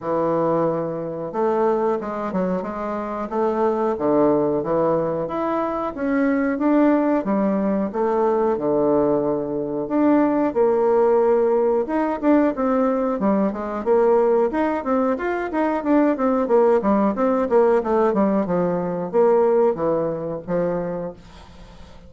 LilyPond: \new Staff \with { instrumentName = "bassoon" } { \time 4/4 \tempo 4 = 91 e2 a4 gis8 fis8 | gis4 a4 d4 e4 | e'4 cis'4 d'4 g4 | a4 d2 d'4 |
ais2 dis'8 d'8 c'4 | g8 gis8 ais4 dis'8 c'8 f'8 dis'8 | d'8 c'8 ais8 g8 c'8 ais8 a8 g8 | f4 ais4 e4 f4 | }